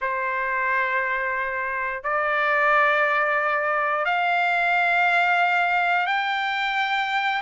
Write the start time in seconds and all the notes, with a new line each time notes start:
0.01 C5
2.03 D5
4.05 F5
6.06 G5